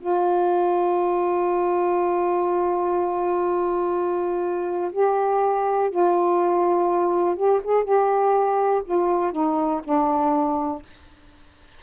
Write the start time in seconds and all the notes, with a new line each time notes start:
0.00 F4
4.92 G4
5.91 F4
7.36 G4
7.64 G#4
7.84 G4
8.85 F4
9.32 D#4
9.84 D4